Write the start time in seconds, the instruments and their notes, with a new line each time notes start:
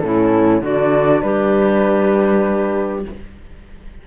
0.00 cello A2, horn C#4, clarinet E4, flute A4
0.62 cello D3, horn D4, clarinet F#4, flute D5
1.22 cello G3, clarinet G4, flute B4